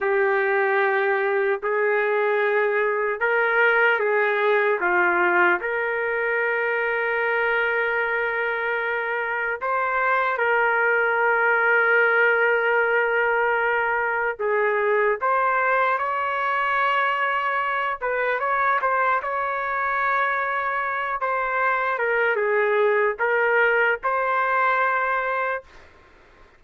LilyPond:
\new Staff \with { instrumentName = "trumpet" } { \time 4/4 \tempo 4 = 75 g'2 gis'2 | ais'4 gis'4 f'4 ais'4~ | ais'1 | c''4 ais'2.~ |
ais'2 gis'4 c''4 | cis''2~ cis''8 b'8 cis''8 c''8 | cis''2~ cis''8 c''4 ais'8 | gis'4 ais'4 c''2 | }